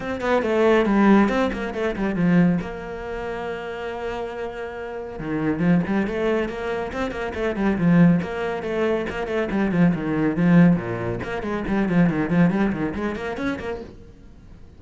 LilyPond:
\new Staff \with { instrumentName = "cello" } { \time 4/4 \tempo 4 = 139 c'8 b8 a4 g4 c'8 ais8 | a8 g8 f4 ais2~ | ais1 | dis4 f8 g8 a4 ais4 |
c'8 ais8 a8 g8 f4 ais4 | a4 ais8 a8 g8 f8 dis4 | f4 ais,4 ais8 gis8 g8 f8 | dis8 f8 g8 dis8 gis8 ais8 cis'8 ais8 | }